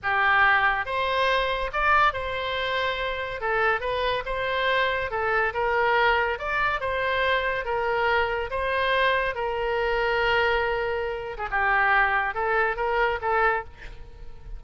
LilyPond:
\new Staff \with { instrumentName = "oboe" } { \time 4/4 \tempo 4 = 141 g'2 c''2 | d''4 c''2. | a'4 b'4 c''2 | a'4 ais'2 d''4 |
c''2 ais'2 | c''2 ais'2~ | ais'2~ ais'8. gis'16 g'4~ | g'4 a'4 ais'4 a'4 | }